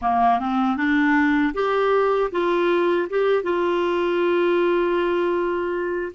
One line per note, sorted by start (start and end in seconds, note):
0.01 0.39 A#3
0.39 0.76 C4
0.76 1.53 D4
1.53 2.30 G4
2.31 3.08 F4
3.09 3.43 G4
3.43 6.12 F4